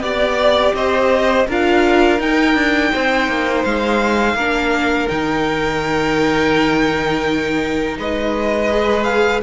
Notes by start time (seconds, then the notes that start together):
0.00 B3 G4 D5
0.75 C4 C5 D#5
1.47 D4 F4 A#4 F5
2.19 D#4 G5
2.55 D4
2.92 C4 C5
3.28 A#3
3.65 G#3 F5
4.35 A#3 D4 A#4
5.08 D#3 D#4 G5
7.98 G#3 B4 D#5
8.71 G#4
9.04 F5